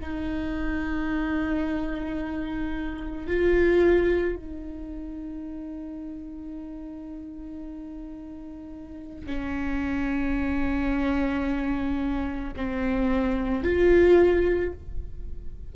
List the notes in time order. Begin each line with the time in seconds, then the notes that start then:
0.00 D#4
3.27 F4
4.36 D#4
9.26 C#4
12.57 C4
13.63 F4